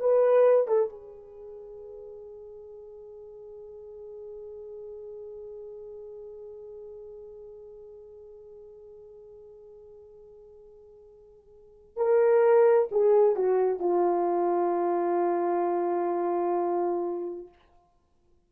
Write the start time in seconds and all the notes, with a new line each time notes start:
0.00 B4
0.67 A4
0.89 G#4
11.97 A#4
12.91 G#4
13.36 F#4
13.80 F4